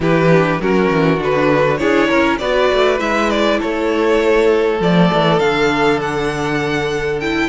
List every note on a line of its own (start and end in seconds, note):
0.00 0.59 E3
0.00 0.28 E4
0.00 0.61 G4
0.00 0.61 B4
0.30 0.60 D4
0.60 0.90 F#3
0.60 1.17 C#4
0.60 1.79 F#4
0.60 1.21 A#4
0.91 1.20 E3
1.17 1.80 D3
1.17 1.77 D4
1.23 1.77 B4
1.77 2.10 D4
1.77 2.39 E4
1.77 2.08 G#4
1.77 2.37 C#5
2.08 2.40 C#4
2.08 2.38 A#4
2.38 2.70 B3
2.38 2.98 F#4
2.38 3.58 B4
2.38 2.98 D5
2.72 3.00 A3
2.98 3.60 G#3
2.98 4.78 E4
2.98 3.30 E5
3.30 3.60 D5
3.58 4.80 A3
3.58 7.48 A4
3.58 4.81 C#5
4.80 5.10 F3
4.80 5.39 A3
4.80 5.39 D5
5.13 5.39 E3
5.39 7.49 D3
5.39 7.19 D4
5.39 5.99 F5
6.01 7.20 F#5
7.20 7.49 E4
7.20 7.49 G5